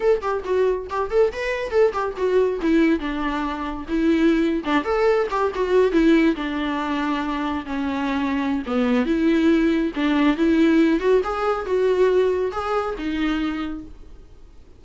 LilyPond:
\new Staff \with { instrumentName = "viola" } { \time 4/4 \tempo 4 = 139 a'8 g'8 fis'4 g'8 a'8 b'4 | a'8 g'8 fis'4 e'4 d'4~ | d'4 e'4.~ e'16 d'8 a'8.~ | a'16 g'8 fis'4 e'4 d'4~ d'16~ |
d'4.~ d'16 cis'2~ cis'16 | b4 e'2 d'4 | e'4. fis'8 gis'4 fis'4~ | fis'4 gis'4 dis'2 | }